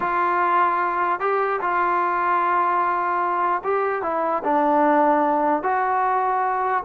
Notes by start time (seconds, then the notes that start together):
0.00 F4
1.20 G4
1.61 F4
3.64 G4
4.02 E4
4.43 D4
5.62 F#4